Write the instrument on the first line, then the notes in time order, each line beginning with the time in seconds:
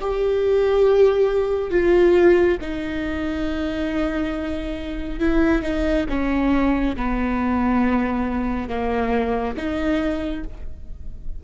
viola
0.00 G4
1.70 F4
2.61 D#4
5.19 E4
5.62 D#4
6.09 C#4
6.96 B3
8.69 A#3
9.57 D#4